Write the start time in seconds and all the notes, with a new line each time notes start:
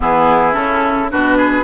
0.00 E3 B3 E4 G#4
0.52 C#3 C#4 A4
1.09 B2 D4 F#4 B4
1.37 G#4